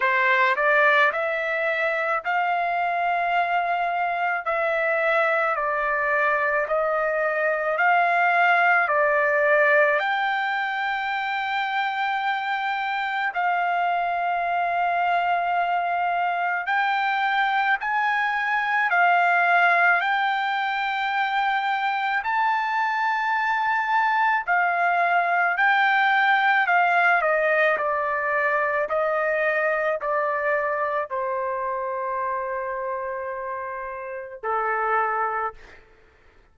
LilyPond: \new Staff \with { instrumentName = "trumpet" } { \time 4/4 \tempo 4 = 54 c''8 d''8 e''4 f''2 | e''4 d''4 dis''4 f''4 | d''4 g''2. | f''2. g''4 |
gis''4 f''4 g''2 | a''2 f''4 g''4 | f''8 dis''8 d''4 dis''4 d''4 | c''2. a'4 | }